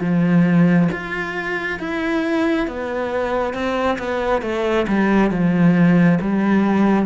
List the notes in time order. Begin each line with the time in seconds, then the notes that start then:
0.00 F3
0.92 F4
1.79 E4
2.67 B3
3.54 C4
3.99 B3
4.42 A3
4.88 G3
5.31 F3
6.21 G3